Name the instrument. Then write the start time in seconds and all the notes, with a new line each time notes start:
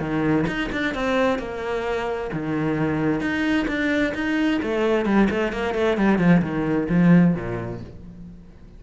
cello
0.00 D#3
0.47 D#4
0.72 D4
0.94 C4
1.39 A#3
2.33 D#3
3.21 D#4
3.68 D4
4.15 D#4
4.62 A3
5.05 G3
5.30 A3
5.53 A#3
5.75 A3
5.97 G3
6.19 F3
6.42 D#3
6.89 F3
7.35 A#2